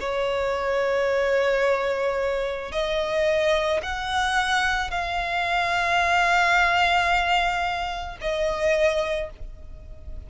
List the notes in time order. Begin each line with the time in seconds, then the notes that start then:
0.00 C#5
2.72 D#5
3.83 F#5
4.90 F5
8.21 D#5